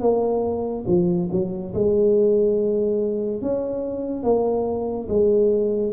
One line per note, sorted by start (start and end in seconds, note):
0.00 0.85 A#3
0.87 1.29 F3
1.31 1.74 F#3
1.74 3.41 G#3
3.41 4.23 C#4
4.23 5.07 A#3
5.08 5.93 G#3